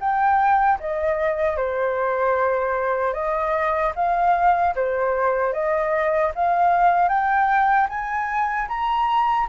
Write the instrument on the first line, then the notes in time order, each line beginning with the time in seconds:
flute
0.00 G5
0.80 D#5
1.57 C5
3.14 D#5
3.96 F5
4.76 C5
5.53 D#5
6.36 F5
7.09 G5
7.89 G#5
8.68 A#5